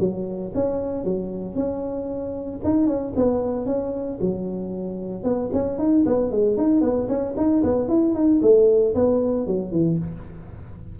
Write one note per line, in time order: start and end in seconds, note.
0.00 0.53 F#3
0.55 1.05 C#4
1.05 1.56 F#3
1.56 2.61 C#4
2.64 2.87 D#4
2.87 3.13 C#4
3.16 3.66 B3
3.66 4.19 C#4
4.21 5.24 F#3
5.24 5.50 B3
5.53 5.78 C#4
5.78 6.05 D#4
6.06 6.32 B3
6.32 6.57 G#3
6.57 6.81 D#4
6.81 7.08 B3
7.08 7.35 C#4
7.37 7.63 D#4
7.63 7.89 B3
7.89 8.15 E4
8.15 8.41 D#4
8.42 8.95 A3
8.95 9.47 B3
9.47 9.72 F#3
9.72 9.98 E3